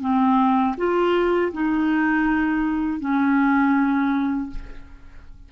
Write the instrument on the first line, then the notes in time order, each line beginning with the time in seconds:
clarinet
0.00 C4
0.77 F4
1.52 D#4
3.00 C#4